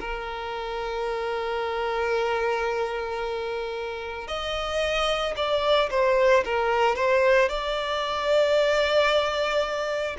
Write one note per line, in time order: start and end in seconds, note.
0.00 4.28 A#4
4.28 5.35 D#5
5.36 5.90 D5
5.90 6.44 C5
6.45 6.96 A#4
6.96 7.49 C5
7.49 10.17 D5